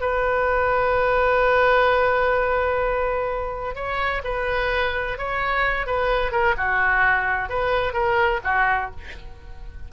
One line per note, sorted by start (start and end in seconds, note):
0.00 3.75 B4
3.75 4.22 C#5
4.24 5.18 B4
5.18 5.86 C#5
5.86 6.31 B4
6.31 6.55 A#4
6.57 7.49 F#4
7.49 7.93 B4
7.93 8.40 A#4
8.44 8.90 F#4